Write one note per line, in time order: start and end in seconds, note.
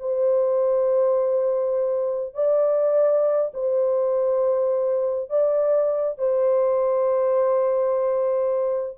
0.00 2.34 C5
2.34 3.52 D5
3.54 5.30 C5
5.30 6.18 D5
6.18 8.98 C5